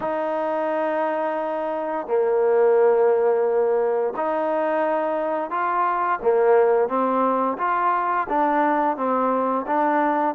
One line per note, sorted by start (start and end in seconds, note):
0.00 2.07 D#4
2.07 4.14 A#3
4.16 5.50 D#4
5.50 6.19 F4
6.22 6.88 A#3
6.88 7.57 C4
7.58 8.27 F4
8.29 8.97 D4
8.97 9.66 C4
9.66 10.35 D4